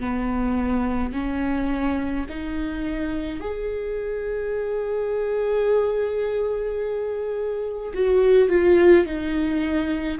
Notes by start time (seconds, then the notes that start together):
0.00 B3
1.13 C#4
2.30 D#4
3.41 G#4
7.95 F#4
8.50 F4
9.06 D#4